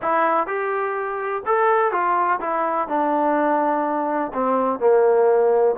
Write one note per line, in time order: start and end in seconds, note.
0.02 0.46 E4
0.46 1.42 G4
1.46 1.91 A4
1.91 2.39 F4
2.40 2.88 E4
2.88 4.32 D4
4.33 4.79 C4
4.79 5.75 A#3